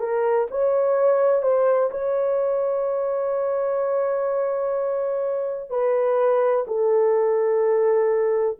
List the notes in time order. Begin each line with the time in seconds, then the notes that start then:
0.00 A#4
0.51 C#5
1.42 C5
1.91 C#5
5.70 B4
6.68 A4